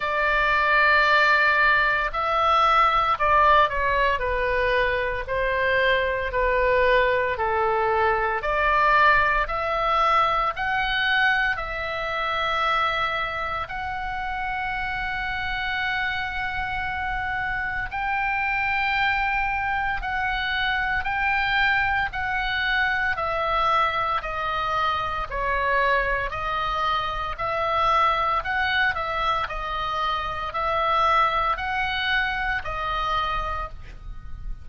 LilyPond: \new Staff \with { instrumentName = "oboe" } { \time 4/4 \tempo 4 = 57 d''2 e''4 d''8 cis''8 | b'4 c''4 b'4 a'4 | d''4 e''4 fis''4 e''4~ | e''4 fis''2.~ |
fis''4 g''2 fis''4 | g''4 fis''4 e''4 dis''4 | cis''4 dis''4 e''4 fis''8 e''8 | dis''4 e''4 fis''4 dis''4 | }